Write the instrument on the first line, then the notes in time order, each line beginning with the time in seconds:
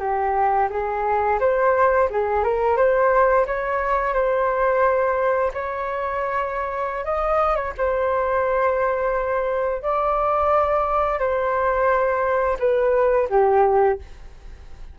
flute
0.00 G4
0.71 G#4
1.40 C5
2.11 G#4
2.44 A#4
2.77 C5
3.47 C#5
4.14 C5
5.54 C#5
7.05 D#5
7.56 C#5
7.78 C5
9.83 D5
11.20 C5
12.60 B4
13.30 G4